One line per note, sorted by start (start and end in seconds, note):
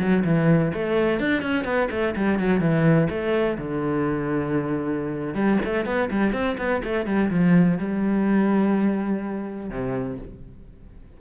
0.00 0.24 F#3
0.25 0.73 E3
0.74 1.20 A3
1.20 1.43 D4
1.43 1.65 C#4
1.65 1.89 B3
1.91 2.15 A3
2.16 2.40 G3
2.40 2.61 F#3
2.61 3.09 E3
3.10 3.58 A3
3.59 5.35 D3
5.35 5.59 G3
5.65 5.86 A3
5.86 6.10 B3
6.11 6.34 G3
6.34 6.58 C4
6.59 6.83 B3
6.84 7.06 A3
7.06 7.30 G3
7.31 7.79 F3
7.79 9.71 G3
9.71 10.19 C3